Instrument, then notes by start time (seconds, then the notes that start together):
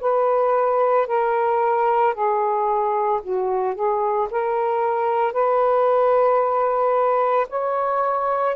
saxophone
0.00 B4
1.07 A#4
2.13 G#4
3.23 F#4
3.75 G#4
4.30 A#4
5.32 B4
7.49 C#5